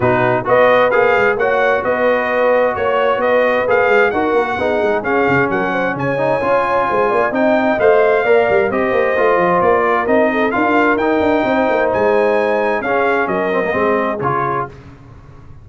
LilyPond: <<
  \new Staff \with { instrumentName = "trumpet" } { \time 4/4 \tempo 4 = 131 b'4 dis''4 f''4 fis''4 | dis''2 cis''4 dis''4 | f''4 fis''2 f''4 | fis''4 gis''2. |
g''4 f''2 dis''4~ | dis''4 d''4 dis''4 f''4 | g''2 gis''2 | f''4 dis''2 cis''4 | }
  \new Staff \with { instrumentName = "horn" } { \time 4/4 fis'4 b'2 cis''4 | b'2 cis''4 b'4~ | b'4 ais'4 gis'2 | ais'8 c''8 cis''2 c''8 d''8 |
dis''2 d''4 c''4~ | c''4. ais'4 a'8 ais'4~ | ais'4 c''2. | gis'4 ais'4 gis'2 | }
  \new Staff \with { instrumentName = "trombone" } { \time 4/4 dis'4 fis'4 gis'4 fis'4~ | fis'1 | gis'4 fis'4 dis'4 cis'4~ | cis'4. dis'8 f'2 |
dis'4 c''4 ais'4 g'4 | f'2 dis'4 f'4 | dis'1 | cis'4. c'16 ais16 c'4 f'4 | }
  \new Staff \with { instrumentName = "tuba" } { \time 4/4 b,4 b4 ais8 gis8 ais4 | b2 ais4 b4 | ais8 gis8 dis'8 ais8 b8 gis8 cis'8 cis8 | fis4 cis4 cis'4 gis8 ais8 |
c'4 a4 ais8 g8 c'8 ais8 | a8 f8 ais4 c'4 d'4 | dis'8 d'8 c'8 ais8 gis2 | cis'4 fis4 gis4 cis4 | }
>>